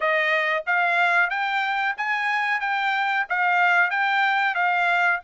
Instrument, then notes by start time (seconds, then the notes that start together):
trumpet
0.00 D#5
0.66 F5
1.30 G5
1.97 G#5
2.60 G5
3.29 F5
3.90 G5
4.54 F5